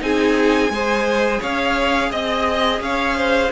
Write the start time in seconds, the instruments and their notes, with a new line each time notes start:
0.00 cello C4, viola D#4, violin G#4 G#5
0.69 cello G#3, viola G#4, violin C5
1.40 cello C#4, violin C#5 F5
2.11 cello C4, violin D#5
2.80 cello C#4, violin C#5 F5
3.17 violin C5